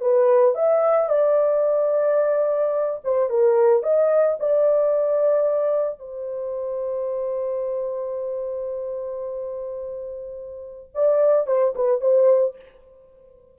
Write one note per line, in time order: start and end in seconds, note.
0.00 0.54 B4
0.54 1.09 E5
1.09 3.00 D5
3.04 3.29 C5
3.29 3.82 A#4
3.82 4.37 D#5
4.39 5.99 D5
5.99 10.90 C5
10.94 11.46 D5
11.46 11.74 C5
11.75 12.01 B4
12.01 12.55 C5